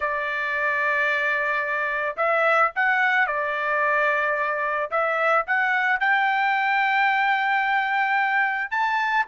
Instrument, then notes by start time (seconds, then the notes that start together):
trumpet
0.00 D5
2.17 E5
2.75 F#5
3.26 D5
4.90 E5
5.46 F#5
6.00 G5
8.70 A5